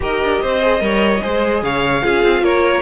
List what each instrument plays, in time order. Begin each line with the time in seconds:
0.00 cello D#4, viola G4, violin A#4 D#5
0.22 cello D4
0.41 cello C4, violin C5
0.61 viola G#4
0.79 cello G3, viola A#4, violin C#5
1.21 cello G#3, viola G#4, violin C5
1.62 cello C#3, violin C#5 F5
2.02 cello C#4, viola F4, violin G#4
2.23 cello C4
2.41 cello A#3, violin A#4 C#5